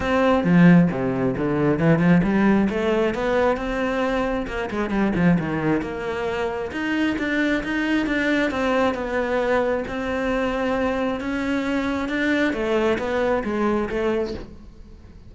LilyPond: \new Staff \with { instrumentName = "cello" } { \time 4/4 \tempo 4 = 134 c'4 f4 c4 d4 | e8 f8 g4 a4 b4 | c'2 ais8 gis8 g8 f8 | dis4 ais2 dis'4 |
d'4 dis'4 d'4 c'4 | b2 c'2~ | c'4 cis'2 d'4 | a4 b4 gis4 a4 | }